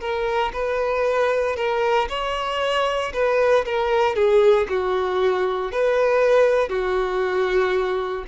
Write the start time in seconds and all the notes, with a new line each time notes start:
0.00 A#4
0.53 B4
1.56 A#4
2.09 C#5
3.13 B4
3.65 A#4
4.15 G#4
4.69 F#4
5.71 B4
6.69 F#4